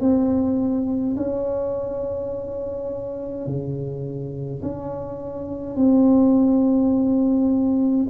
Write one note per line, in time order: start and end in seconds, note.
0.00 1.15 C4
1.16 3.46 C#4
3.46 4.61 C#3
4.62 5.75 C#4
5.75 8.06 C4